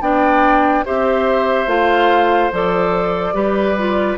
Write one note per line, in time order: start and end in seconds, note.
0.00 0.83 B3
0.00 0.84 D4
0.00 0.85 D5
0.00 0.85 G5
0.85 1.67 C4
0.85 1.67 G4
0.85 3.34 C5
0.85 1.68 E5
1.67 2.50 A3
1.67 2.50 F4
1.67 2.52 F5
2.52 3.33 F3
2.52 3.33 A4
2.52 4.17 D5
3.33 4.16 G3
3.33 3.75 G4
3.33 4.17 B4
3.78 4.17 F4